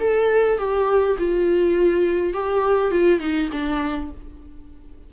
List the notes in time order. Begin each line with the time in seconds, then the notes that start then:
0.00 A4
0.58 G4
1.18 F4
2.33 G4
2.91 F4
3.20 D#4
3.52 D4